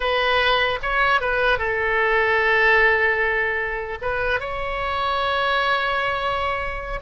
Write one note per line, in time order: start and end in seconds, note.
0.00 0.79 B4
0.82 1.21 C#5
1.21 1.58 B4
1.58 3.98 A4
4.01 4.40 B4
4.40 7.00 C#5